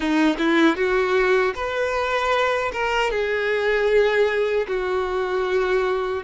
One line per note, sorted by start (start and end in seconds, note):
0.00 0.36 D#4
0.38 0.76 E4
0.76 1.54 F#4
1.54 2.71 B4
2.72 3.10 A#4
3.10 4.66 G#4
4.67 6.23 F#4